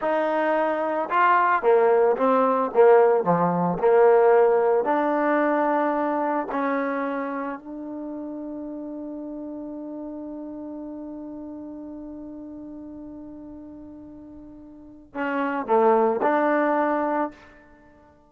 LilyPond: \new Staff \with { instrumentName = "trombone" } { \time 4/4 \tempo 4 = 111 dis'2 f'4 ais4 | c'4 ais4 f4 ais4~ | ais4 d'2. | cis'2 d'2~ |
d'1~ | d'1~ | d'1 | cis'4 a4 d'2 | }